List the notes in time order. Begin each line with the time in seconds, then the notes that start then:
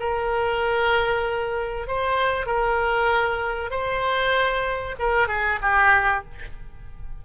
0.00 A#4
1.88 C5
2.46 A#4
3.71 C5
4.99 A#4
5.28 G#4
5.62 G4